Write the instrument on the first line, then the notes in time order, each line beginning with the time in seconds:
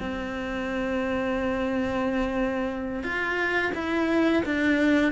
cello
0.00 C4
3.04 F4
3.75 E4
4.46 D4